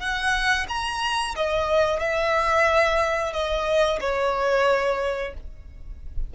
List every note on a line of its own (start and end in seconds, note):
0.00 0.67 F#5
0.69 1.35 A#5
1.36 2.00 D#5
2.00 3.33 E5
3.33 3.99 D#5
4.01 5.34 C#5